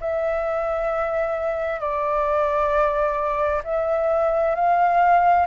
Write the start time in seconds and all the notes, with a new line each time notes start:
0.00 E5
1.80 D5
3.64 E5
4.55 F5